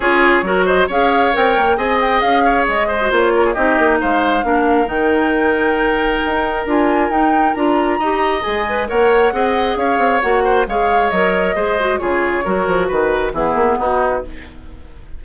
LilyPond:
<<
  \new Staff \with { instrumentName = "flute" } { \time 4/4 \tempo 4 = 135 cis''4. dis''8 f''4 g''4 | gis''8 g''8 f''4 dis''4 cis''4 | dis''4 f''2 g''4~ | g''2. gis''4 |
g''4 ais''2 gis''4 | fis''2 f''4 fis''4 | f''4 dis''2 cis''4~ | cis''4 b'8 ais'8 gis'4 fis'4 | }
  \new Staff \with { instrumentName = "oboe" } { \time 4/4 gis'4 ais'8 c''8 cis''2 | dis''4. cis''4 c''4 ais'16 gis'16 | g'4 c''4 ais'2~ | ais'1~ |
ais'2 dis''2 | cis''4 dis''4 cis''4. c''8 | cis''2 c''4 gis'4 | ais'4 b'4 e'4 dis'4 | }
  \new Staff \with { instrumentName = "clarinet" } { \time 4/4 f'4 fis'4 gis'4 ais'4 | gis'2~ gis'8. fis'16 f'4 | dis'2 d'4 dis'4~ | dis'2. f'4 |
dis'4 f'4 g'4 gis'8 b'8 | ais'4 gis'2 fis'4 | gis'4 ais'4 gis'8 fis'8 f'4 | fis'2 b2 | }
  \new Staff \with { instrumentName = "bassoon" } { \time 4/4 cis'4 fis4 cis'4 c'8 ais8 | c'4 cis'4 gis4 ais4 | c'8 ais8 gis4 ais4 dis4~ | dis2 dis'4 d'4 |
dis'4 d'4 dis'4 gis4 | ais4 c'4 cis'8 c'8 ais4 | gis4 fis4 gis4 cis4 | fis8 f8 dis4 e8 ais8 b4 | }
>>